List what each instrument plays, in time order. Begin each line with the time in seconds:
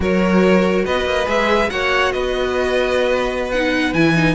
0.00 cello F#3, viola F#4, violin A#4 C#5
0.85 cello B3, violin B4 D#5
1.05 cello A#3
1.25 cello G#3, viola G#4, violin E5
1.70 cello A#3, viola F#4, violin C#5 F#5
2.12 cello B3, violin B4 D#5
3.51 viola D#4, violin F#5
3.93 cello E3, viola E4, violin G#5
4.15 viola D#4